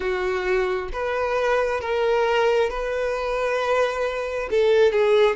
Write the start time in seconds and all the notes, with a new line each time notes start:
0.00 F#4
0.92 B4
1.81 A#4
2.69 B4
4.50 A4
4.91 G#4